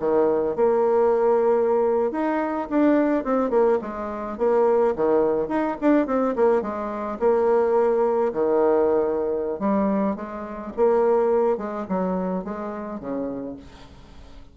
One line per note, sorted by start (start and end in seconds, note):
0.00 0.56 D#3
0.56 2.12 A#3
2.12 2.69 D#4
2.70 3.25 D4
3.25 3.51 C4
3.51 3.79 A#3
3.82 4.38 G#3
4.38 4.95 A#3
4.96 5.49 D#3
5.49 5.77 D#4
5.81 6.07 D4
6.07 6.36 C4
6.36 6.62 A#3
6.62 7.19 G#3
7.20 8.33 A#3
8.33 9.60 D#3
9.60 10.16 G3
10.16 10.73 G#3
10.77 11.58 A#3
11.58 11.86 G#3
11.89 12.45 F#3
12.45 13.00 G#3
13.00 13.57 C#3